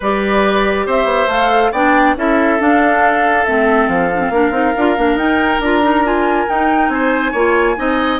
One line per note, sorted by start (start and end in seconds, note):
0.00 0.86 G3
0.00 1.29 G4
0.00 0.86 B4
0.00 0.88 D5
0.86 1.04 C4
0.86 1.71 C5
0.86 1.29 E5
1.04 1.26 B3
1.27 1.70 A3
1.27 1.72 A4
1.27 1.72 F5
1.71 2.15 B3
1.71 2.16 D4
1.71 2.14 D5
1.71 2.16 G5
2.15 2.59 C#4
2.15 2.59 E4
2.15 4.33 A4
2.15 2.60 E5
2.59 3.45 D4
2.59 3.46 D4
2.59 3.45 F5
3.45 3.88 A3
3.45 4.11 C4
3.45 3.88 E5
3.88 4.29 F3
3.88 5.17 F5
4.14 4.30 C4
4.14 4.20 D4
4.29 4.50 A#3
4.29 4.52 D4
4.29 6.92 A#4
4.50 4.72 C4
4.50 4.73 D#4
4.76 4.97 D4
4.76 4.97 F4
4.97 5.14 A#3
4.97 5.18 D4
5.14 5.57 D#4
5.14 5.61 D#4
5.14 5.60 G5
5.59 6.46 D4
5.59 5.82 F4
5.59 6.06 A#5
5.82 6.04 D#4
6.04 6.47 F4
6.04 6.49 G#5
6.48 7.35 D#4
6.48 6.88 D#4
6.48 6.89 G5
6.88 7.31 C4
6.88 7.31 C5
6.88 8.19 G#5
7.31 7.77 A#3
7.31 7.75 F4
7.31 7.74 C#5
7.75 8.20 C4
7.75 8.19 D#4
7.75 8.20 D#5